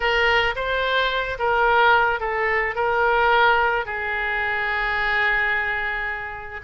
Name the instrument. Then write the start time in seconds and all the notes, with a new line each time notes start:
oboe
0.00 A#4
0.55 C5
1.38 A#4
2.20 A4
2.75 A#4
3.85 G#4